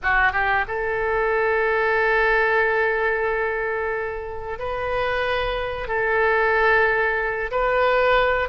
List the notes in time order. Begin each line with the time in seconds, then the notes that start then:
0.02 F#4
0.32 G4
0.67 A4
4.58 B4
5.87 A4
7.51 B4